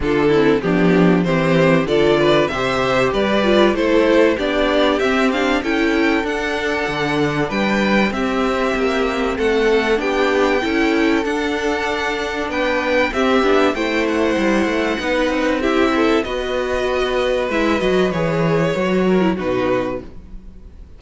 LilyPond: <<
  \new Staff \with { instrumentName = "violin" } { \time 4/4 \tempo 4 = 96 a'4 g'4 c''4 d''4 | e''4 d''4 c''4 d''4 | e''8 f''8 g''4 fis''2 | g''4 e''2 fis''4 |
g''2 fis''2 | g''4 e''4 g''8 fis''4.~ | fis''4 e''4 dis''2 | e''8 dis''8 cis''2 b'4 | }
  \new Staff \with { instrumentName = "violin" } { \time 4/4 f'8 e'8 d'4 g'4 a'8 b'8 | c''4 b'4 a'4 g'4~ | g'4 a'2. | b'4 g'2 a'4 |
g'4 a'2. | b'4 g'4 c''2 | b'4 g'8 a'8 b'2~ | b'2~ b'8 ais'8 fis'4 | }
  \new Staff \with { instrumentName = "viola" } { \time 4/4 d'8 c'8 b4 c'4 f'4 | g'4. f'8 e'4 d'4 | c'8 d'8 e'4 d'2~ | d'4 c'2. |
d'4 e'4 d'2~ | d'4 c'8 d'8 e'2 | dis'4 e'4 fis'2 | e'8 fis'8 gis'4 fis'8. e'16 dis'4 | }
  \new Staff \with { instrumentName = "cello" } { \time 4/4 d4 f4 e4 d4 | c4 g4 a4 b4 | c'4 cis'4 d'4 d4 | g4 c'4 ais4 a4 |
b4 cis'4 d'2 | b4 c'8 b8 a4 g8 a8 | b8 c'4. b2 | gis8 fis8 e4 fis4 b,4 | }
>>